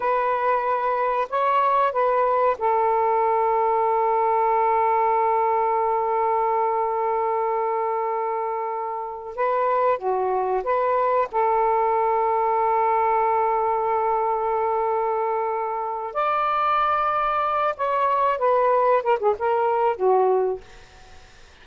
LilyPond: \new Staff \with { instrumentName = "saxophone" } { \time 4/4 \tempo 4 = 93 b'2 cis''4 b'4 | a'1~ | a'1~ | a'2~ a'8 b'4 fis'8~ |
fis'8 b'4 a'2~ a'8~ | a'1~ | a'4 d''2~ d''8 cis''8~ | cis''8 b'4 ais'16 gis'16 ais'4 fis'4 | }